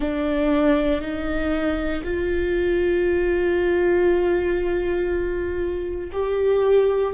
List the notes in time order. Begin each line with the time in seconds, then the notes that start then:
0.00 D4
1.01 D#4
2.03 F4
6.12 G4